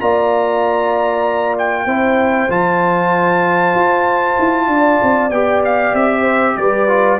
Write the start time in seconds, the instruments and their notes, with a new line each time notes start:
0.00 tuba A#3, trombone F4, horn D5, trumpet A#5
1.58 trumpet G5
1.85 tuba C4, trombone E4, horn C5
2.49 tuba F3, trombone F4, trumpet A5
3.75 tuba F4
4.39 tuba E4
4.67 tuba D4, horn D5
5.03 tuba C4
5.30 tuba B3, trombone G4, trumpet G5
5.65 trumpet F5
5.94 tuba C4, trumpet E5
6.21 horn C5
6.57 tuba G3, horn B4, trumpet D5
6.88 trombone F4